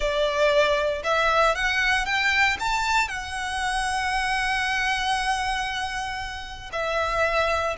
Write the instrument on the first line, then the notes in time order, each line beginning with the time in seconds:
violin
0.00 D5
1.03 E5
1.55 F#5
2.05 G5
2.59 A5
3.08 F#5
6.72 E5